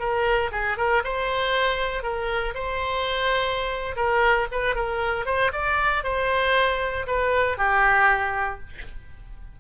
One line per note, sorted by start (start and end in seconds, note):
0.00 0.51 A#4
0.52 0.78 G#4
0.78 1.03 A#4
1.04 2.03 C5
2.03 2.55 A#4
2.55 3.96 C5
3.96 4.48 A#4
4.52 4.76 B4
4.76 5.26 A#4
5.26 5.52 C5
5.53 6.04 D5
6.04 7.07 C5
7.07 7.58 B4
7.58 8.61 G4